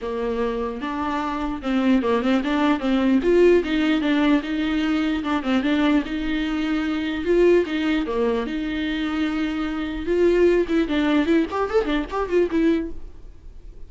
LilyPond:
\new Staff \with { instrumentName = "viola" } { \time 4/4 \tempo 4 = 149 ais2 d'2 | c'4 ais8 c'8 d'4 c'4 | f'4 dis'4 d'4 dis'4~ | dis'4 d'8 c'8 d'4 dis'4~ |
dis'2 f'4 dis'4 | ais4 dis'2.~ | dis'4 f'4. e'8 d'4 | e'8 g'8 a'8 d'8 g'8 f'8 e'4 | }